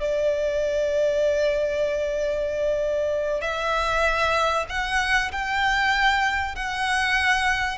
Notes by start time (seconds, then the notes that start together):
0.00 D5
3.41 E5
4.69 F#5
5.32 G5
6.56 F#5